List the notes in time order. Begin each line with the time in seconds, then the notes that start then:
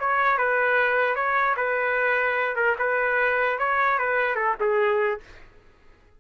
0.00 C#5
0.38 B4
1.16 C#5
1.57 B4
2.56 A#4
2.79 B4
3.59 C#5
3.99 B4
4.35 A4
4.60 G#4